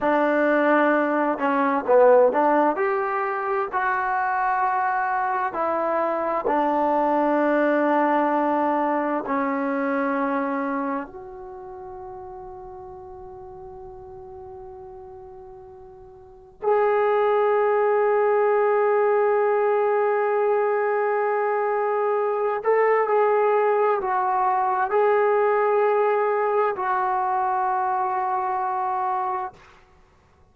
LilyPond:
\new Staff \with { instrumentName = "trombone" } { \time 4/4 \tempo 4 = 65 d'4. cis'8 b8 d'8 g'4 | fis'2 e'4 d'4~ | d'2 cis'2 | fis'1~ |
fis'2 gis'2~ | gis'1~ | gis'8 a'8 gis'4 fis'4 gis'4~ | gis'4 fis'2. | }